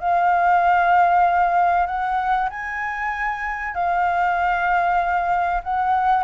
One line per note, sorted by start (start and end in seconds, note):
0.00 1.87 F5
1.87 2.49 F#5
2.50 3.74 G#5
3.74 5.62 F5
5.64 6.24 F#5